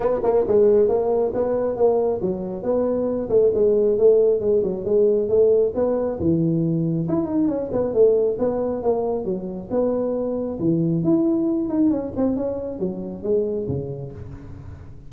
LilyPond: \new Staff \with { instrumentName = "tuba" } { \time 4/4 \tempo 4 = 136 b8 ais8 gis4 ais4 b4 | ais4 fis4 b4. a8 | gis4 a4 gis8 fis8 gis4 | a4 b4 e2 |
e'8 dis'8 cis'8 b8 a4 b4 | ais4 fis4 b2 | e4 e'4. dis'8 cis'8 c'8 | cis'4 fis4 gis4 cis4 | }